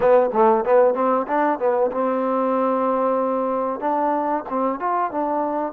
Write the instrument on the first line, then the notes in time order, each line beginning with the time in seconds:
trombone
0.00 B3
0.32 A3
0.64 B3
0.94 C4
1.27 D4
1.59 B3
1.91 C4
3.80 D4
4.49 C4
4.79 F4
5.11 D4